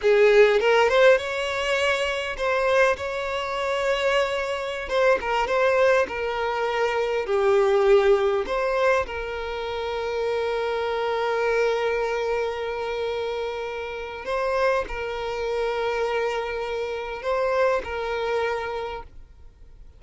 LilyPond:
\new Staff \with { instrumentName = "violin" } { \time 4/4 \tempo 4 = 101 gis'4 ais'8 c''8 cis''2 | c''4 cis''2.~ | cis''16 c''8 ais'8 c''4 ais'4.~ ais'16~ | ais'16 g'2 c''4 ais'8.~ |
ais'1~ | ais'1 | c''4 ais'2.~ | ais'4 c''4 ais'2 | }